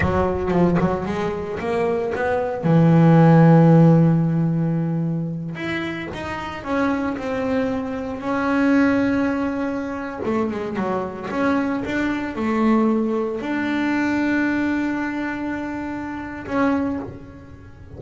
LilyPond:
\new Staff \with { instrumentName = "double bass" } { \time 4/4 \tempo 4 = 113 fis4 f8 fis8 gis4 ais4 | b4 e2.~ | e2~ e8 e'4 dis'8~ | dis'8 cis'4 c'2 cis'8~ |
cis'2.~ cis'16 a8 gis16~ | gis16 fis4 cis'4 d'4 a8.~ | a4~ a16 d'2~ d'8.~ | d'2. cis'4 | }